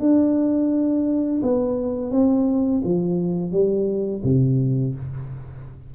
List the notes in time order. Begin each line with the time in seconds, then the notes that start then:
0.00 D4
1.42 B3
2.11 C4
2.84 F3
3.52 G3
4.24 C3